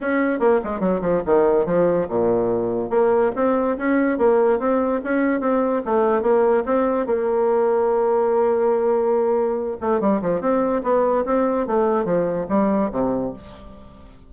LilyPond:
\new Staff \with { instrumentName = "bassoon" } { \time 4/4 \tempo 4 = 144 cis'4 ais8 gis8 fis8 f8 dis4 | f4 ais,2 ais4 | c'4 cis'4 ais4 c'4 | cis'4 c'4 a4 ais4 |
c'4 ais2.~ | ais2.~ ais8 a8 | g8 f8 c'4 b4 c'4 | a4 f4 g4 c4 | }